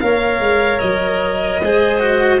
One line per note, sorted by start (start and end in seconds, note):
0.00 0.40 A#3
0.00 1.60 A#4
0.00 1.63 C#5
0.00 0.79 F5
0.40 0.80 G#3
0.79 1.61 F#3
0.79 2.39 D#5
1.61 2.40 G#3
1.61 1.99 G#4
1.61 2.40 C5
1.99 2.39 F#4